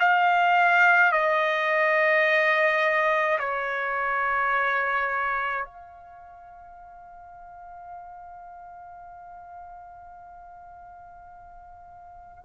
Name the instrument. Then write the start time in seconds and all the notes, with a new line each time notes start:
trumpet
0.00 F5
1.12 D#5
3.39 C#5
5.65 F5